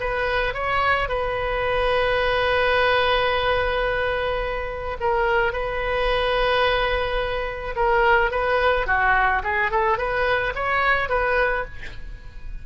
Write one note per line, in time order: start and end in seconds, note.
0.00 0.54 B4
0.54 1.09 C#5
1.09 4.97 B4
5.00 5.53 A#4
5.53 7.75 B4
7.76 8.31 A#4
8.31 8.87 B4
8.87 9.42 F#4
9.43 9.71 G#4
9.71 9.98 A4
9.98 10.54 B4
10.55 11.09 C#5
11.09 11.64 B4